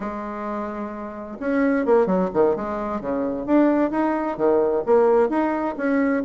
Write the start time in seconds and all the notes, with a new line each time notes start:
0.00 G#3
1.40 C#4
1.85 A#3
2.06 F#3
2.33 D#3
2.56 G#3
3.00 C#3
3.46 D4
3.91 D#4
4.37 D#3
4.86 A#3
5.29 D#4
5.77 C#4